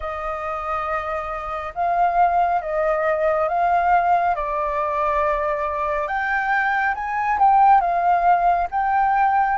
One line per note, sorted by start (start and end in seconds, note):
0.00 1.73 D#5
1.74 2.61 F5
2.61 3.48 D#5
3.48 4.35 F5
4.35 6.07 D5
6.07 6.94 G5
6.94 7.38 G#5
7.38 7.81 G5
7.81 8.68 F5
8.70 9.57 G5